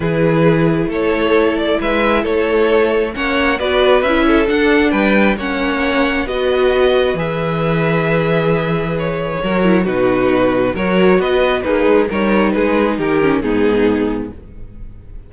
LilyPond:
<<
  \new Staff \with { instrumentName = "violin" } { \time 4/4 \tempo 4 = 134 b'2 cis''4. d''8 | e''4 cis''2 fis''4 | d''4 e''4 fis''4 g''4 | fis''2 dis''2 |
e''1 | cis''2 b'2 | cis''4 dis''4 b'4 cis''4 | b'4 ais'4 gis'2 | }
  \new Staff \with { instrumentName = "violin" } { \time 4/4 gis'2 a'2 | b'4 a'2 cis''4 | b'4. a'4. b'4 | cis''2 b'2~ |
b'1~ | b'4 ais'4 fis'2 | ais'4 b'4 dis'4 ais'4 | gis'4 g'4 dis'2 | }
  \new Staff \with { instrumentName = "viola" } { \time 4/4 e'1~ | e'2. cis'4 | fis'4 e'4 d'2 | cis'2 fis'2 |
gis'1~ | gis'4 fis'8 e'8 dis'2 | fis'2 gis'4 dis'4~ | dis'4. cis'8 b2 | }
  \new Staff \with { instrumentName = "cello" } { \time 4/4 e2 a2 | gis4 a2 ais4 | b4 cis'4 d'4 g4 | ais2 b2 |
e1~ | e4 fis4 b,2 | fis4 b4 ais8 gis8 g4 | gis4 dis4 gis,2 | }
>>